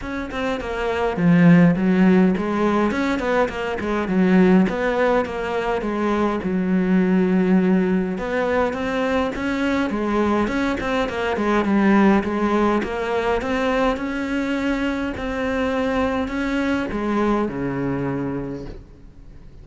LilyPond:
\new Staff \with { instrumentName = "cello" } { \time 4/4 \tempo 4 = 103 cis'8 c'8 ais4 f4 fis4 | gis4 cis'8 b8 ais8 gis8 fis4 | b4 ais4 gis4 fis4~ | fis2 b4 c'4 |
cis'4 gis4 cis'8 c'8 ais8 gis8 | g4 gis4 ais4 c'4 | cis'2 c'2 | cis'4 gis4 cis2 | }